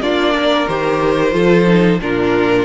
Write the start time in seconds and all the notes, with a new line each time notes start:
0.00 A#3 D4 F4 D5
0.34 A#4
0.67 D#3 G4 C5
1.31 F3 F4 A4
1.66 D#4
2.01 A#2 D4 F4 A#4